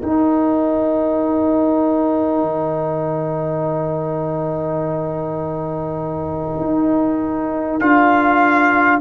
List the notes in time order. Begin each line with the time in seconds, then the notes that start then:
0.00 D#4 A#4 G5
2.41 D#3
6.59 D#4
7.79 D4 F4 F5